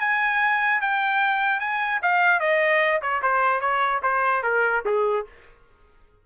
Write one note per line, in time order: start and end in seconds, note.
0.00 0.81 G#5
0.81 1.60 G5
1.60 2.00 G#5
2.03 2.40 F5
2.40 3.01 D#5
3.02 3.22 C#5
3.22 3.61 C5
3.61 4.01 C#5
4.03 4.43 C5
4.43 4.84 A#4
4.86 5.26 G#4